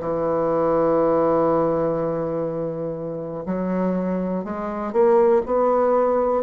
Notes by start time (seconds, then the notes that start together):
0.00 E3
3.46 F#3
4.44 G#3
4.92 A#3
5.45 B3